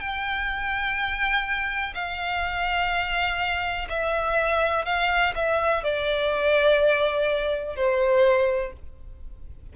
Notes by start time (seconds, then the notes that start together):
0.00 G5
1.94 F5
3.89 E5
4.85 F5
5.35 E5
5.84 D5
7.76 C5